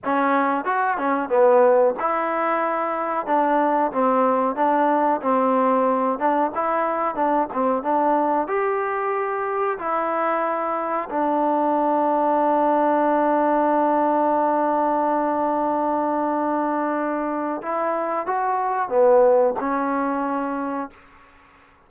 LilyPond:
\new Staff \with { instrumentName = "trombone" } { \time 4/4 \tempo 4 = 92 cis'4 fis'8 cis'8 b4 e'4~ | e'4 d'4 c'4 d'4 | c'4. d'8 e'4 d'8 c'8 | d'4 g'2 e'4~ |
e'4 d'2.~ | d'1~ | d'2. e'4 | fis'4 b4 cis'2 | }